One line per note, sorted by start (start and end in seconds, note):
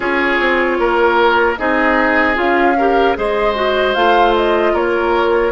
0.00 0.38 C#4
0.00 1.56 F4
0.00 0.77 G#4
0.00 1.56 C#5
0.39 0.78 C4
0.79 1.58 A#3
0.79 1.59 A#4
1.57 2.37 C4
1.57 2.34 D#4
1.57 2.77 G#4
1.57 2.36 D#5
2.34 3.16 C#4
2.34 2.74 F4
2.34 3.17 F5
2.77 3.15 G4
2.77 3.17 A#4
3.15 3.95 G#3
3.15 3.55 G#4
3.15 4.73 C5
3.15 3.94 D#5
3.55 3.94 F#4
3.94 4.73 A3
3.94 5.52 F4
3.94 4.33 F5
4.35 4.75 D#5
4.73 5.52 A#3
4.73 5.52 A#4
4.73 5.52 C#5